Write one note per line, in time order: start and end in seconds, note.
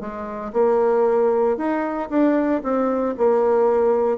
0.00 0.52 G#3
0.53 1.57 A#3
1.57 2.09 D#4
2.09 2.62 D4
2.63 3.15 C4
3.17 4.17 A#3